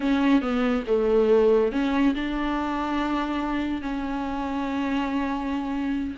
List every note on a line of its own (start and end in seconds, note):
0.00 0.41 C#4
0.41 0.84 B3
0.86 1.72 A3
1.72 2.14 C#4
2.14 3.81 D4
3.81 6.15 C#4